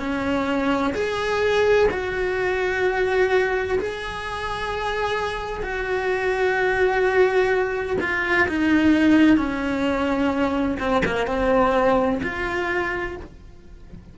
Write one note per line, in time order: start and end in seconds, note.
0.00 0.94 C#4
0.95 1.88 G#4
1.92 3.79 F#4
3.80 5.63 G#4
5.63 7.97 F#4
8.01 8.48 F4
8.49 9.37 D#4
9.37 10.78 C#4
10.80 11.03 C4
11.06 11.28 A#3
11.28 12.21 C4
12.23 13.17 F4